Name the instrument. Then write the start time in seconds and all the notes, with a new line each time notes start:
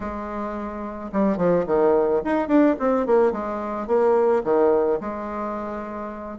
bassoon
0.00 G#3
1.12 G3
1.37 F3
1.66 D#3
2.24 D#4
2.47 D4
2.79 C4
3.06 A#3
3.32 G#3
3.87 A#3
4.43 D#3
5.00 G#3